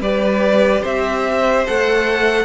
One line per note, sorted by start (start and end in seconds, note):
0.00 0.82 G3
0.00 1.67 G4
0.00 0.82 B4
0.00 0.84 D5
0.82 1.67 C4
0.82 2.45 C5
0.82 1.67 E5
1.67 2.45 A3
1.67 2.45 A4
1.67 2.45 F#5